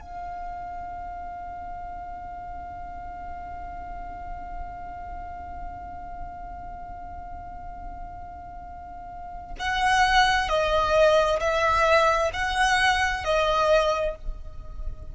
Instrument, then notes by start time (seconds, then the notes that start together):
violin
0.00 F5
9.59 F#5
10.48 D#5
11.40 E5
12.33 F#5
13.24 D#5